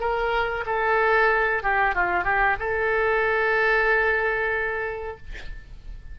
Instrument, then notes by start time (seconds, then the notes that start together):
oboe
0.00 A#4
0.66 A4
1.63 G4
1.95 F4
2.24 G4
2.59 A4